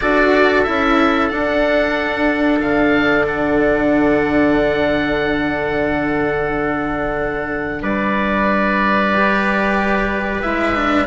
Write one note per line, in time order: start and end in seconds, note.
0.00 0.67 D4
0.00 0.65 F#4
0.00 7.82 A4
0.00 0.63 D5
0.63 1.31 C#4
0.63 1.31 E4
0.63 1.28 E5
1.28 2.59 D4
1.28 9.14 D4
1.28 2.58 F#5
2.59 7.81 D3
2.59 3.26 F5
3.27 7.83 F#5
7.82 10.43 G3
7.82 11.06 B4
7.82 10.42 D5
9.14 10.43 G4
10.42 11.06 G#3
10.42 10.74 E4
10.42 11.06 E5
10.74 11.06 D4